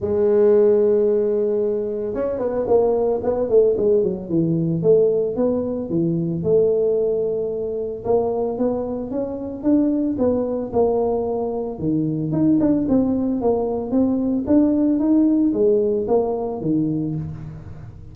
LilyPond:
\new Staff \with { instrumentName = "tuba" } { \time 4/4 \tempo 4 = 112 gis1 | cis'8 b8 ais4 b8 a8 gis8 fis8 | e4 a4 b4 e4 | a2. ais4 |
b4 cis'4 d'4 b4 | ais2 dis4 dis'8 d'8 | c'4 ais4 c'4 d'4 | dis'4 gis4 ais4 dis4 | }